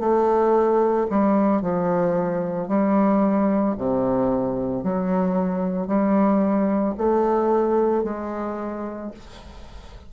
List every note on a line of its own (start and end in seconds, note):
0.00 1.07 A3
1.10 1.62 G3
1.62 2.68 F3
2.68 3.75 G3
3.78 4.84 C3
4.84 5.87 F#3
5.87 6.94 G3
6.98 8.04 A3
8.04 9.11 G#3